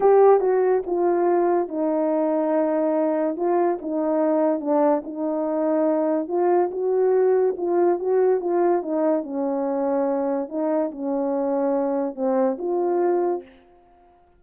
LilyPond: \new Staff \with { instrumentName = "horn" } { \time 4/4 \tempo 4 = 143 g'4 fis'4 f'2 | dis'1 | f'4 dis'2 d'4 | dis'2. f'4 |
fis'2 f'4 fis'4 | f'4 dis'4 cis'2~ | cis'4 dis'4 cis'2~ | cis'4 c'4 f'2 | }